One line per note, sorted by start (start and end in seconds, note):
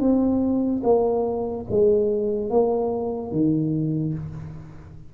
0.00 0.82 C4
0.84 1.66 A#3
1.71 2.50 G#3
2.50 3.32 A#3
3.32 4.14 D#3